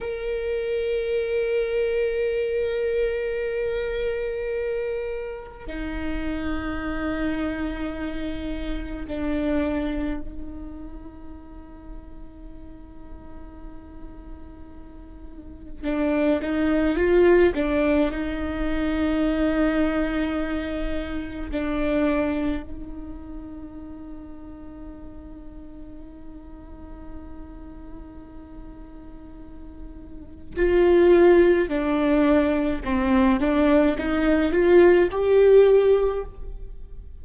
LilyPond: \new Staff \with { instrumentName = "viola" } { \time 4/4 \tempo 4 = 53 ais'1~ | ais'4 dis'2. | d'4 dis'2.~ | dis'2 d'8 dis'8 f'8 d'8 |
dis'2. d'4 | dis'1~ | dis'2. f'4 | d'4 c'8 d'8 dis'8 f'8 g'4 | }